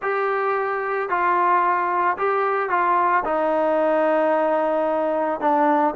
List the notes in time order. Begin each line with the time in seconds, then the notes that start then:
0.01 G4
1.09 F4
2.17 G4
2.69 F4
3.24 D#4
5.40 D4